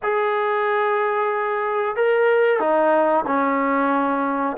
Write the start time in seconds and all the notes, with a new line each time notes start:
0.02 G#4
1.96 A#4
2.59 D#4
3.26 C#4